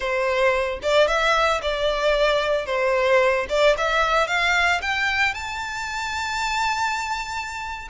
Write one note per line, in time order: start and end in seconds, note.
0.00 0.79 C5
0.82 1.07 D5
1.07 1.61 E5
1.61 2.65 D5
2.65 3.46 C5
3.49 3.76 D5
3.77 4.27 E5
4.27 4.80 F5
4.81 5.34 G5
5.34 7.88 A5